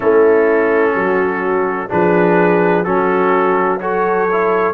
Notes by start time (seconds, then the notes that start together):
0.00 A3 C#4 E4 A4
0.94 F#3 F#4
1.89 F3 D4 G#4 B4
2.84 F#3 C#4 F#4 A4
3.80 F#4 A4 C#5
4.32 E4